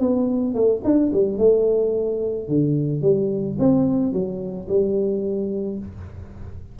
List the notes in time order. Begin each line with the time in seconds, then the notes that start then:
0.00 B3
0.55 A3
0.85 D4
1.13 G3
1.38 A3
2.48 D3
3.02 G3
3.59 C4
4.13 F#3
4.68 G3